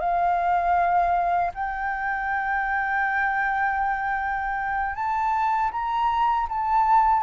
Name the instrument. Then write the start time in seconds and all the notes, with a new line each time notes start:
flute
0.00 F5
1.54 G5
4.95 A5
5.71 A#5
6.49 A5